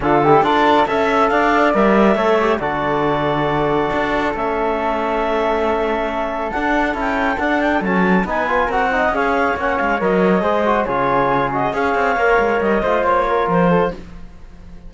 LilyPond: <<
  \new Staff \with { instrumentName = "clarinet" } { \time 4/4 \tempo 4 = 138 a'4 d''4 e''4 f''4 | e''2 d''2~ | d''2 e''2~ | e''2. fis''4 |
g''4 fis''8 g''8 a''4 gis''4 | fis''4 f''4 fis''8 f''8 dis''4~ | dis''4 cis''4. dis''8 f''4~ | f''4 dis''4 cis''4 c''4 | }
  \new Staff \with { instrumentName = "flute" } { \time 4/4 f'8 g'8 a'4 e''4 d''4~ | d''4 cis''4 a'2~ | a'1~ | a'1~ |
a'2. b'4 | ais'8 dis''8 cis''2. | c''4 gis'2 cis''4~ | cis''4. c''4 ais'4 a'8 | }
  \new Staff \with { instrumentName = "trombone" } { \time 4/4 d'8 e'8 f'4 a'2 | ais'4 a'8 g'8 fis'2~ | fis'2 cis'2~ | cis'2. d'4 |
e'4 d'4 cis'4 dis'8 f'8 | fis'8 dis'8 gis'4 cis'4 ais'4 | gis'8 fis'8 f'4. fis'8 gis'4 | ais'4. f'2~ f'8 | }
  \new Staff \with { instrumentName = "cello" } { \time 4/4 d4 d'4 cis'4 d'4 | g4 a4 d2~ | d4 d'4 a2~ | a2. d'4 |
cis'4 d'4 fis4 b4 | c'4 cis'4 ais8 gis8 fis4 | gis4 cis2 cis'8 c'8 | ais8 gis8 g8 a8 ais4 f4 | }
>>